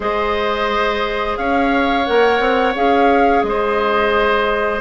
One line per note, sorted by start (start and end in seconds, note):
0.00 1.37 G#3
0.00 2.06 G#4
0.00 1.38 C5
0.00 1.37 D#5
1.37 2.06 C#4
1.37 3.45 C#5
1.37 2.06 F5
2.06 2.40 A#3
2.06 2.75 A#4
2.06 2.75 F#5
2.40 2.74 C4
2.75 3.43 C#4
2.75 4.80 G#4
2.75 3.43 F5
3.43 4.80 G#3
3.43 4.80 C5
3.43 4.80 D#5